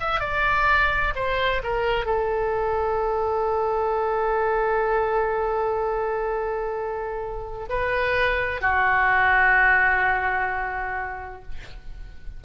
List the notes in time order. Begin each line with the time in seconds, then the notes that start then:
0.00 E5
0.20 D5
1.15 C5
1.63 A#4
2.05 A4
7.69 B4
8.61 F#4